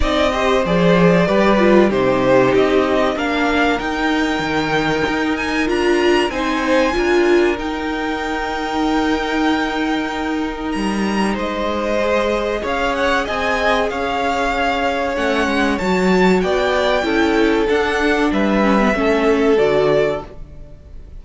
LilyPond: <<
  \new Staff \with { instrumentName = "violin" } { \time 4/4 \tempo 4 = 95 dis''4 d''2 c''4 | dis''4 f''4 g''2~ | g''8 gis''8 ais''4 gis''2 | g''1~ |
g''4 ais''4 dis''2 | f''8 fis''8 gis''4 f''2 | fis''4 a''4 g''2 | fis''4 e''2 d''4 | }
  \new Staff \with { instrumentName = "violin" } { \time 4/4 d''8 c''4. b'4 g'4~ | g'4 ais'2.~ | ais'2 c''4 ais'4~ | ais'1~ |
ais'2 c''2 | cis''4 dis''4 cis''2~ | cis''2 d''4 a'4~ | a'4 b'4 a'2 | }
  \new Staff \with { instrumentName = "viola" } { \time 4/4 dis'8 g'8 gis'4 g'8 f'8 dis'4~ | dis'4 d'4 dis'2~ | dis'4 f'4 dis'4 f'4 | dis'1~ |
dis'2. gis'4~ | gis'1 | cis'4 fis'2 e'4 | d'4. cis'16 b16 cis'4 fis'4 | }
  \new Staff \with { instrumentName = "cello" } { \time 4/4 c'4 f4 g4 c4 | c'4 ais4 dis'4 dis4 | dis'4 d'4 c'4 d'4 | dis'1~ |
dis'4 g4 gis2 | cis'4 c'4 cis'2 | a8 gis8 fis4 b4 cis'4 | d'4 g4 a4 d4 | }
>>